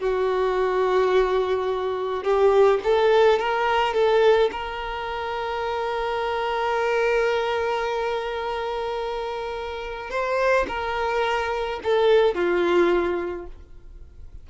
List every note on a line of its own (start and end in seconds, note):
0.00 2.24 F#4
2.24 2.80 G4
2.84 3.39 A4
3.39 3.94 A#4
3.94 4.50 A4
4.52 10.10 A#4
10.10 10.66 C5
10.68 11.80 A#4
11.84 12.35 A4
12.35 13.47 F4